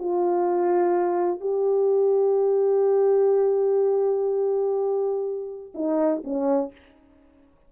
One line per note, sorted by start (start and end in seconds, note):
0.00 1.41 F4
1.41 5.73 G4
5.75 6.23 D#4
6.24 6.72 C#4